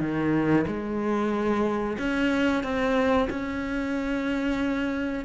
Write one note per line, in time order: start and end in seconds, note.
0.00 0.65 D#3
0.67 1.97 G#3
1.98 2.63 C#4
2.63 3.28 C4
3.30 5.25 C#4